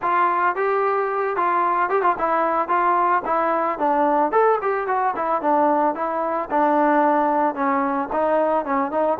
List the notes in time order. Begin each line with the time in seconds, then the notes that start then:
0.02 F4
0.55 G4
1.36 F4
1.89 G4
2.01 F4
2.18 E4
2.68 F4
3.25 E4
3.78 D4
4.31 A4
4.61 G4
4.87 F#4
5.16 E4
5.41 D4
5.95 E4
6.50 D4
7.55 C#4
8.12 D#4
8.65 C#4
8.91 D#4